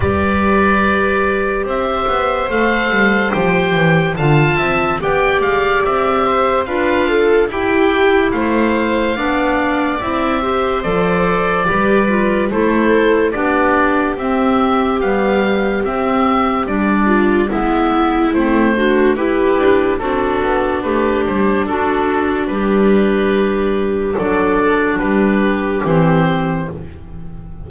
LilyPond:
<<
  \new Staff \with { instrumentName = "oboe" } { \time 4/4 \tempo 4 = 72 d''2 e''4 f''4 | g''4 a''4 g''8 f''8 e''4 | f''4 g''4 f''2 | e''4 d''2 c''4 |
d''4 e''4 f''4 e''4 | d''4 e''4 c''4 b'4 | a'4 b'8 c''8 a'4 b'4~ | b'4 d''4 b'4 c''4 | }
  \new Staff \with { instrumentName = "viola" } { \time 4/4 b'2 c''2~ | c''4 f''8 e''8 d''4. c''8 | b'8 a'8 g'4 c''4 d''4~ | d''8 c''4. b'4 a'4 |
g'1~ | g'8 f'8 e'4. fis'8 g'4 | d'1~ | d'4 a'4 g'2 | }
  \new Staff \with { instrumentName = "clarinet" } { \time 4/4 g'2. a'4 | g'4 f'4 g'2 | f'4 e'2 d'4 | e'8 g'8 a'4 g'8 f'8 e'4 |
d'4 c'4 g4 c'4 | d'4 b4 c'8 d'8 e'4 | fis'4 g'4 fis'4 g'4~ | g'4 d'2 c'4 | }
  \new Staff \with { instrumentName = "double bass" } { \time 4/4 g2 c'8 b8 a8 g8 | f8 e8 d8 c'8 b8 gis8 c'4 | d'4 e'4 a4 b4 | c'4 f4 g4 a4 |
b4 c'4 b4 c'4 | g4 gis4 a4 e'8 d'8 | c'8 b8 a8 g8 d'4 g4~ | g4 fis4 g4 e4 | }
>>